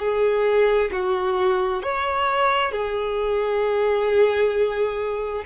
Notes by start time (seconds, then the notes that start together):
0.00 G#4
0.92 F#4
1.83 C#5
2.72 G#4